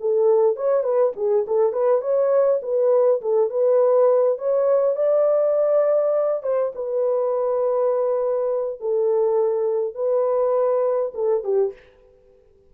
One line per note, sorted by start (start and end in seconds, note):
0.00 0.56 A4
0.56 0.83 C#5
0.83 1.13 B4
1.16 1.45 G#4
1.47 1.72 A4
1.72 2.01 B4
2.01 2.60 C#5
2.62 3.21 B4
3.21 3.50 A4
3.50 4.38 B4
4.38 4.95 C#5
4.95 6.43 D5
6.43 6.72 C5
6.75 8.80 B4
8.80 9.94 A4
9.94 11.12 B4
11.14 11.43 A4
11.43 11.73 G4